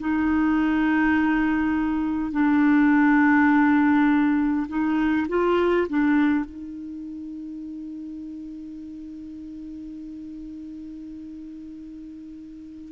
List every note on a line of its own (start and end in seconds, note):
0.00 2.32 D#4
2.32 4.67 D4
4.68 5.27 D#4
5.29 5.88 F4
5.89 6.45 D4
6.45 12.92 D#4